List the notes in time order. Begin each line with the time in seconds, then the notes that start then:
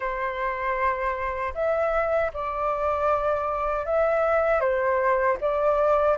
0.00 C5
1.54 E5
2.33 D5
3.85 E5
4.60 C5
5.41 D5